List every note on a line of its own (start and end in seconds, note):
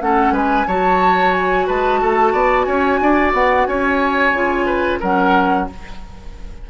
0.00 0.31 A3
0.00 0.67 C#4
0.00 0.33 A4
0.00 0.34 F#5
0.31 0.64 G#3
0.31 0.66 B4
0.31 0.67 G#5
0.67 1.67 F#3
0.67 4.34 F#4
0.67 1.66 C#5
0.67 1.33 A5
1.33 1.67 G#5
1.66 2.02 G#3
1.66 1.99 B4
1.66 2.64 A5
2.01 2.33 A3
2.01 2.32 A4
2.32 2.66 B3
2.32 2.66 D5
2.64 3.00 C#4
2.64 2.99 C#5
2.64 3.31 G#5
3.00 3.32 D4
3.00 3.68 D5
3.32 3.66 B3
3.32 3.66 F#5
3.66 4.32 C#4
3.66 4.65 C#5
3.66 4.99 G#5
4.32 4.98 C#3
4.32 5.01 F4
4.65 4.99 B4
4.99 5.69 F#3
4.99 5.69 C#4
4.99 5.66 A#4
4.99 5.69 F#5